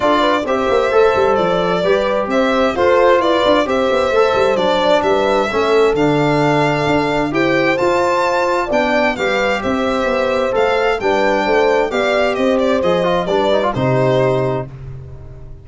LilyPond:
<<
  \new Staff \with { instrumentName = "violin" } { \time 4/4 \tempo 4 = 131 d''4 e''2 d''4~ | d''4 e''4 c''4 d''4 | e''2 d''4 e''4~ | e''4 f''2. |
g''4 a''2 g''4 | f''4 e''2 f''4 | g''2 f''4 dis''8 d''8 | dis''4 d''4 c''2 | }
  \new Staff \with { instrumentName = "horn" } { \time 4/4 a'8 b'8 c''2. | b'4 c''4 a'4 b'4 | c''2. b'4 | a'1 |
c''2. d''4 | b'4 c''2. | b'4 c''4 d''4 c''4~ | c''4 b'4 g'2 | }
  \new Staff \with { instrumentName = "trombone" } { \time 4/4 f'4 g'4 a'2 | g'2 f'2 | g'4 a'4 d'2 | cis'4 d'2. |
g'4 f'2 d'4 | g'2. a'4 | d'2 g'2 | gis'8 f'8 d'8 dis'16 f'16 dis'2 | }
  \new Staff \with { instrumentName = "tuba" } { \time 4/4 d'4 c'8 ais8 a8 g8 f4 | g4 c'4 f'4 e'8 d'8 | c'8 b8 a8 g8 fis4 g4 | a4 d2 d'4 |
e'4 f'2 b4 | g4 c'4 b4 a4 | g4 a4 b4 c'4 | f4 g4 c2 | }
>>